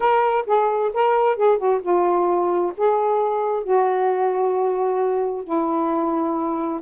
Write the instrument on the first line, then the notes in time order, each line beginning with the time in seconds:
saxophone
0.00 A#4
0.46 G#4
0.93 A#4
1.36 G#4
1.58 F#4
1.82 F4
2.77 G#4
3.63 F#4
5.44 E4